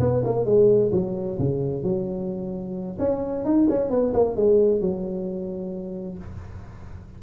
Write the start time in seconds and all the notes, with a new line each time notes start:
0.00 B3
0.25 A#3
0.45 G#3
0.92 F#3
1.39 C#3
1.83 F#3
2.99 C#4
3.45 D#4
3.70 C#4
3.90 B3
4.13 A#3
4.36 G#3
4.80 F#3